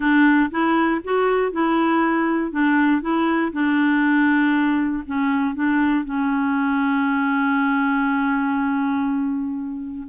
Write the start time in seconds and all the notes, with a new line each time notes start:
0.00 D4
0.50 E4
1.04 F#4
1.51 E4
2.51 D4
3.01 E4
3.52 D4
5.06 C#4
5.55 D4
6.04 C#4